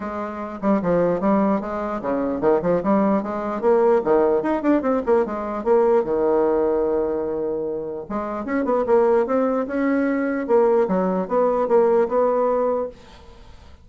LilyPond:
\new Staff \with { instrumentName = "bassoon" } { \time 4/4 \tempo 4 = 149 gis4. g8 f4 g4 | gis4 cis4 dis8 f8 g4 | gis4 ais4 dis4 dis'8 d'8 | c'8 ais8 gis4 ais4 dis4~ |
dis1 | gis4 cis'8 b8 ais4 c'4 | cis'2 ais4 fis4 | b4 ais4 b2 | }